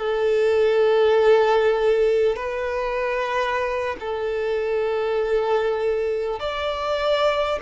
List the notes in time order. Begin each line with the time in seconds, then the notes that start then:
0.00 A4
2.37 B4
4.01 A4
6.40 D5